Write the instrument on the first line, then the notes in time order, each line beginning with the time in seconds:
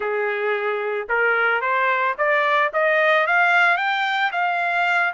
trumpet
0.00 G#4
1.09 A#4
1.61 C5
2.17 D5
2.73 D#5
3.26 F5
3.77 G5
4.32 F5